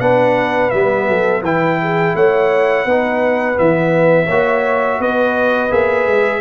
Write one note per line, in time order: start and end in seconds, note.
0.00 0.71 B3
0.00 0.72 D4
0.00 1.07 B4
0.00 0.70 F#5
0.70 1.08 G3
0.70 1.43 B3
0.70 1.42 E5
1.08 1.42 F#3
1.08 1.44 A4
1.42 2.14 E3
1.42 2.88 E4
1.42 1.80 B4
1.42 2.16 G5
1.82 2.16 G#4
2.15 2.85 A3
2.15 2.86 C#5
2.15 3.59 F#5
2.85 3.57 B3
2.85 3.55 D#4
2.85 4.26 B4
3.55 4.28 E3
3.55 4.27 B3
3.55 5.02 E5
4.26 4.99 A#3
4.26 5.70 F#4
4.26 4.98 C#5
4.99 5.71 B3
4.99 6.41 B4
4.99 5.72 D#5
5.70 6.07 A#3
5.70 6.41 G#4
5.70 6.41 E5
6.07 6.41 G#3